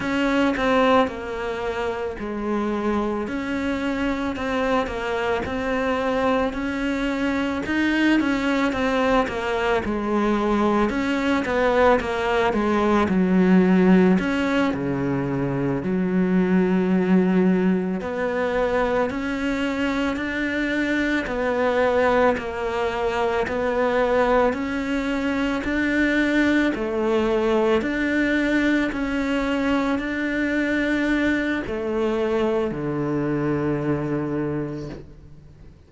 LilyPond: \new Staff \with { instrumentName = "cello" } { \time 4/4 \tempo 4 = 55 cis'8 c'8 ais4 gis4 cis'4 | c'8 ais8 c'4 cis'4 dis'8 cis'8 | c'8 ais8 gis4 cis'8 b8 ais8 gis8 | fis4 cis'8 cis4 fis4.~ |
fis8 b4 cis'4 d'4 b8~ | b8 ais4 b4 cis'4 d'8~ | d'8 a4 d'4 cis'4 d'8~ | d'4 a4 d2 | }